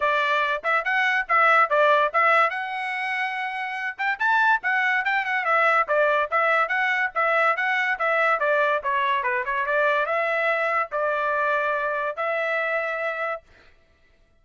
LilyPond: \new Staff \with { instrumentName = "trumpet" } { \time 4/4 \tempo 4 = 143 d''4. e''8 fis''4 e''4 | d''4 e''4 fis''2~ | fis''4. g''8 a''4 fis''4 | g''8 fis''8 e''4 d''4 e''4 |
fis''4 e''4 fis''4 e''4 | d''4 cis''4 b'8 cis''8 d''4 | e''2 d''2~ | d''4 e''2. | }